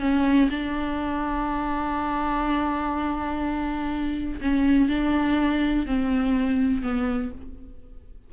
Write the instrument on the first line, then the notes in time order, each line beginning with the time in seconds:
viola
0.00 C#4
0.50 D4
4.41 C#4
4.88 D4
5.86 C4
6.82 B3